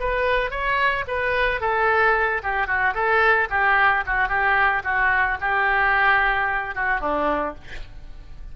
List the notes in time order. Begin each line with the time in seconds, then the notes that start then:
0.00 B4
0.51 C#5
1.08 B4
1.61 A4
2.43 G4
2.67 F#4
2.94 A4
3.50 G4
4.07 F#4
4.29 G4
4.84 F#4
5.41 G4
6.75 F#4
7.01 D4